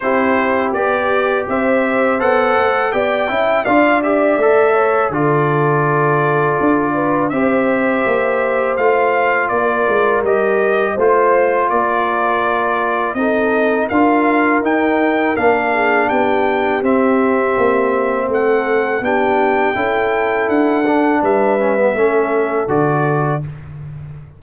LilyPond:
<<
  \new Staff \with { instrumentName = "trumpet" } { \time 4/4 \tempo 4 = 82 c''4 d''4 e''4 fis''4 | g''4 f''8 e''4. d''4~ | d''2 e''2 | f''4 d''4 dis''4 c''4 |
d''2 dis''4 f''4 | g''4 f''4 g''4 e''4~ | e''4 fis''4 g''2 | fis''4 e''2 d''4 | }
  \new Staff \with { instrumentName = "horn" } { \time 4/4 g'2 c''2 | d''8 e''8 d''4. cis''8 a'4~ | a'4. b'8 c''2~ | c''4 ais'2 c''4 |
ais'2 a'4 ais'4~ | ais'4. gis'8 g'2~ | g'4 a'4 g'4 a'4~ | a'4 b'4 a'2 | }
  \new Staff \with { instrumentName = "trombone" } { \time 4/4 e'4 g'2 a'4 | g'8 e'8 f'8 g'8 a'4 f'4~ | f'2 g'2 | f'2 g'4 f'4~ |
f'2 dis'4 f'4 | dis'4 d'2 c'4~ | c'2 d'4 e'4~ | e'8 d'4 cis'16 b16 cis'4 fis'4 | }
  \new Staff \with { instrumentName = "tuba" } { \time 4/4 c'4 b4 c'4 b8 a8 | b8 cis'8 d'4 a4 d4~ | d4 d'4 c'4 ais4 | a4 ais8 gis8 g4 a4 |
ais2 c'4 d'4 | dis'4 ais4 b4 c'4 | ais4 a4 b4 cis'4 | d'4 g4 a4 d4 | }
>>